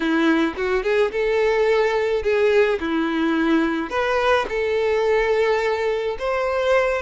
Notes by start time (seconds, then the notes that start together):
0.00 E4
0.56 F#4
0.83 G#4
1.11 A4
2.23 G#4
2.80 E4
3.89 B4
4.49 A4
6.18 C5